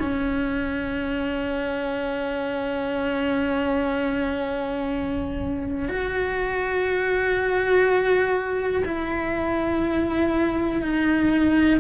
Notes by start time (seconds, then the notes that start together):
0.00 C#4
5.88 F#4
8.85 E4
10.82 D#4